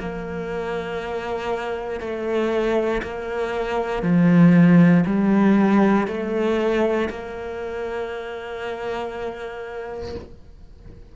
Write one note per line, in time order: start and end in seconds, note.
0.00 2.01 A#3
2.01 3.02 A3
3.03 4.03 A#3
4.03 5.05 F3
5.07 6.08 G3
6.08 7.10 A3
7.10 10.16 A#3